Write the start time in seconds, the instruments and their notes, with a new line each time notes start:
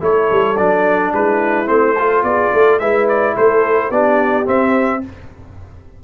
0.00 tuba A3, trombone E4, horn A4, trumpet C#5
0.31 tuba G3
0.56 tuba F#3, trombone D4, trumpet D5
1.12 tuba G#3, horn E4, trumpet B4
1.66 tuba A3, trombone C4, trumpet C5
1.96 trombone F4, horn A4
2.23 tuba B3, horn G#4, trumpet D5
2.53 tuba A3, horn A4
2.79 tuba G#3, trombone E4, horn B4, trumpet E5
3.08 trumpet D5
3.34 tuba A3, horn A4, trumpet C5
3.89 tuba B3, trombone D4, horn G4, trumpet D5
4.45 trombone C4, tuba C4, trumpet E5